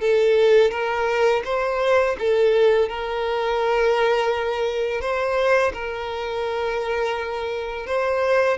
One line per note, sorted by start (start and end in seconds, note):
0.00 0.71 A4
0.71 1.42 A#4
1.44 2.16 C5
2.19 2.88 A4
2.88 5.01 A#4
5.01 5.72 C5
5.73 7.86 A#4
7.86 8.57 C5